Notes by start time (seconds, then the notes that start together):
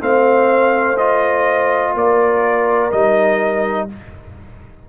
0.00 A3 C4 C5 F5
0.98 F4 D#5
1.94 A#3 A#4 D5
2.92 G3 D#4 D#5